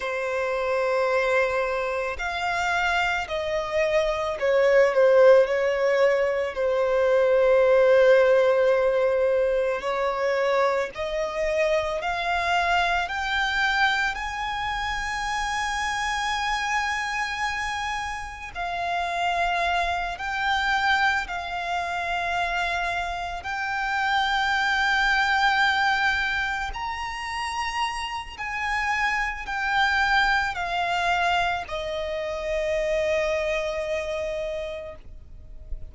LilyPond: \new Staff \with { instrumentName = "violin" } { \time 4/4 \tempo 4 = 55 c''2 f''4 dis''4 | cis''8 c''8 cis''4 c''2~ | c''4 cis''4 dis''4 f''4 | g''4 gis''2.~ |
gis''4 f''4. g''4 f''8~ | f''4. g''2~ g''8~ | g''8 ais''4. gis''4 g''4 | f''4 dis''2. | }